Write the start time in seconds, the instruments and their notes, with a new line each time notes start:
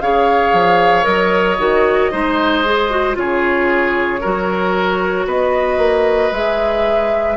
0.00 bassoon C#3, clarinet G#4, oboe C#5, flute F5
0.53 bassoon F3
1.03 bassoon F#3, clarinet A#4, flute D#5
1.58 bassoon D#3, clarinet F#4
2.11 bassoon G#3, clarinet D#4, oboe C5
2.64 clarinet G#4
2.90 clarinet F#4
3.14 bassoon C#3, clarinet F4, oboe G#4, flute C#5
4.20 bassoon F#3, clarinet F#4, oboe A#4
5.26 bassoon B3, oboe B4, flute D#5
5.77 bassoon A#3
6.31 bassoon G#3, clarinet G#4, flute E5